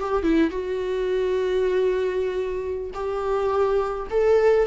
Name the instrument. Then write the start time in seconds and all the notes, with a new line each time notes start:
viola
0.00 G4
0.23 E4
0.50 F#4
2.94 G4
4.11 A4